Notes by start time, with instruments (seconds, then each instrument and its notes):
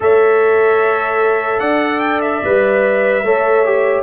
0.00 tuba A3, trombone A4, horn C#5, trumpet E5
1.59 tuba D4, horn D5, trumpet F#5
2.00 trumpet G5
2.21 trumpet E5
2.43 tuba G3, trombone B4
3.23 tuba A3, trombone A4, horn C#5
3.65 trombone G4